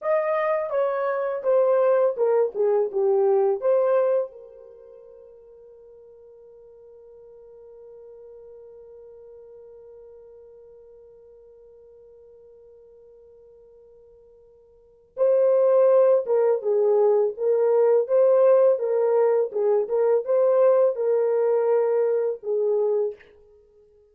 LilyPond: \new Staff \with { instrumentName = "horn" } { \time 4/4 \tempo 4 = 83 dis''4 cis''4 c''4 ais'8 gis'8 | g'4 c''4 ais'2~ | ais'1~ | ais'1~ |
ais'1~ | ais'4 c''4. ais'8 gis'4 | ais'4 c''4 ais'4 gis'8 ais'8 | c''4 ais'2 gis'4 | }